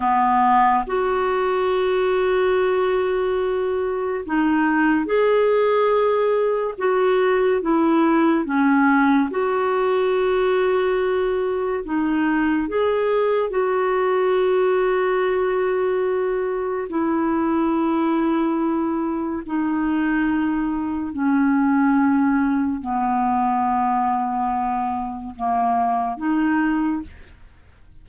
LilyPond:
\new Staff \with { instrumentName = "clarinet" } { \time 4/4 \tempo 4 = 71 b4 fis'2.~ | fis'4 dis'4 gis'2 | fis'4 e'4 cis'4 fis'4~ | fis'2 dis'4 gis'4 |
fis'1 | e'2. dis'4~ | dis'4 cis'2 b4~ | b2 ais4 dis'4 | }